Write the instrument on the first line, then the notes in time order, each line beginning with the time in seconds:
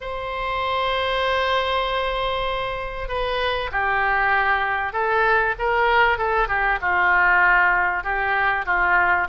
oboe
0.00 C5
3.08 B4
3.71 G4
4.93 A4
5.58 A#4
6.18 A4
6.48 G4
6.81 F4
8.03 G4
8.65 F4